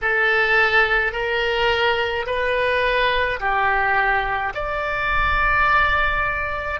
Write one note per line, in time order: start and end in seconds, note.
0.01 1.12 A4
1.12 2.25 A#4
2.26 3.40 B4
3.40 4.53 G4
4.54 6.80 D5